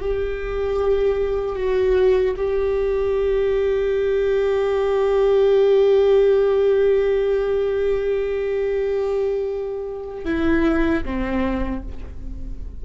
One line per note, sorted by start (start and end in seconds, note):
0.00 1.56 G4
1.56 2.35 F#4
2.37 10.25 G4
10.25 11.04 E4
11.04 11.83 C4